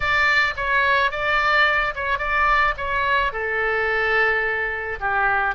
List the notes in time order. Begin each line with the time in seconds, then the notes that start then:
0.00 D5
0.56 C#5
1.11 D5
1.95 C#5
2.18 D5
2.77 C#5
3.32 A4
5.00 G4